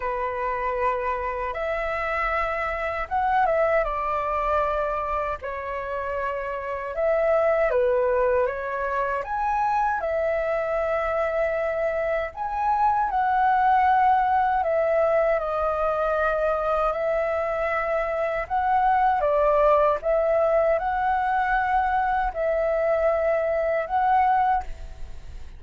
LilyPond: \new Staff \with { instrumentName = "flute" } { \time 4/4 \tempo 4 = 78 b'2 e''2 | fis''8 e''8 d''2 cis''4~ | cis''4 e''4 b'4 cis''4 | gis''4 e''2. |
gis''4 fis''2 e''4 | dis''2 e''2 | fis''4 d''4 e''4 fis''4~ | fis''4 e''2 fis''4 | }